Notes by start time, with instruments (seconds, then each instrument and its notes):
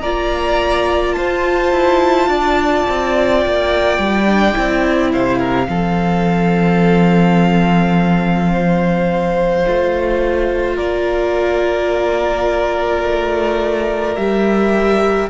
0.00 cello A#3, viola F4, violin D5 A#5
1.13 cello F4, violin C5 A5
1.71 cello E4
2.27 cello D4, violin D5
2.89 cello C4
3.38 violin G5
3.45 cello A#3
3.98 cello G3
4.26 viola D4
4.53 cello C4, viola E4
5.12 cello C3, violin C5 F5
5.39 violin A#4
5.67 cello F3, viola C4, violin A4
8.52 violin C5
9.64 cello A3, viola F4
10.76 cello A#3, violin A#4 D5
13.03 cello A3
14.16 cello G3, viola G4, violin E5